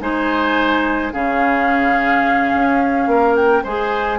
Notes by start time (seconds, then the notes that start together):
0.00 G#3 D#4 C5 G#5
1.13 C#3 C#4 G#4 F5
2.54 C#4
3.07 A#3 A#4
3.36 G5
3.64 G#3 G#4 C5 G#5